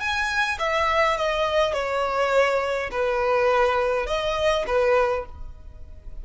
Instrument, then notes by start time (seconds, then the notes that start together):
violin
0.00 G#5
0.59 E5
1.17 D#5
1.73 C#5
2.91 B4
4.07 D#5
4.67 B4